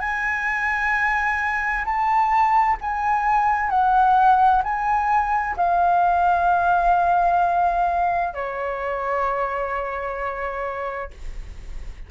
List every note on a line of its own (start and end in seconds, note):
0.00 1.85 G#5
1.85 2.77 A5
2.81 3.70 G#5
3.70 4.62 F#5
4.64 5.56 G#5
5.57 8.34 F5
8.34 11.11 C#5